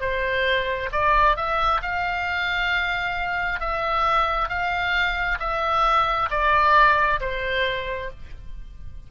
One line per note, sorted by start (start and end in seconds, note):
0.00 0.90 C5
0.92 1.36 D5
1.36 1.81 E5
1.82 3.60 F5
3.60 4.49 E5
4.49 5.38 F5
5.40 6.29 E5
6.30 7.20 D5
7.20 8.10 C5